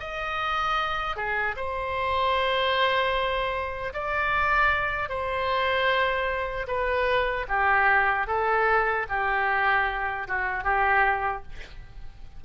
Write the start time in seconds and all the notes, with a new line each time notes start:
0.00 D#5
1.16 G#4
1.56 C5
3.93 D5
5.09 C5
6.67 B4
7.48 G4
8.27 A4
9.09 G4
10.28 F#4
10.64 G4